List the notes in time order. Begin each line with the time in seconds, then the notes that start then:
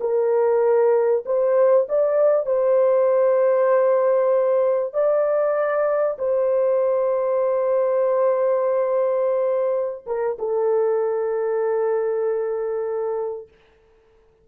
0.00 A#4
1.25 C5
1.88 D5
2.46 C5
4.93 D5
6.18 C5
10.06 A#4
10.38 A4